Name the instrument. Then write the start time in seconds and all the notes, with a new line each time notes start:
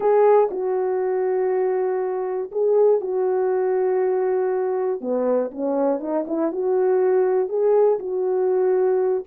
horn
0.00 G#4
0.50 F#4
2.51 G#4
3.00 F#4
5.00 B3
5.51 C#4
6.00 D#4
6.27 E4
6.51 F#4
7.48 G#4
7.99 F#4